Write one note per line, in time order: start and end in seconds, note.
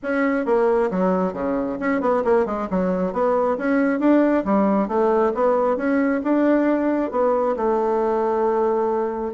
0.02 0.45 C#4
0.45 0.90 A#3
0.90 1.33 F#3
1.33 1.77 C#3
1.79 2.01 C#4
2.01 2.23 B3
2.24 2.45 A#3
2.45 2.68 G#3
2.70 3.12 F#3
3.12 3.57 B3
3.57 3.99 C#4
3.99 4.44 D4
4.44 4.88 G3
4.88 5.32 A3
5.34 5.76 B3
5.76 6.21 C#4
6.23 7.11 D4
7.11 7.55 B3
7.56 9.33 A3